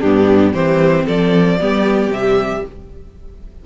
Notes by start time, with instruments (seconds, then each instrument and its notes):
0.00 cello G2, viola B3, violin D4 G4
0.53 cello E3, viola C4, violin G4 C5
1.05 cello F3, violin A4 D5
1.60 cello G3, viola B3, violin G4
2.08 cello C3, viola G3, violin E5